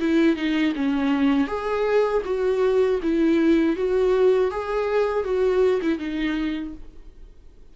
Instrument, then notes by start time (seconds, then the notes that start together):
viola
0.00 E4
0.36 D#4
0.75 C#4
1.47 G#4
2.25 F#4
3.02 E4
3.76 F#4
4.51 G#4
5.24 F#4
5.82 E4
5.99 D#4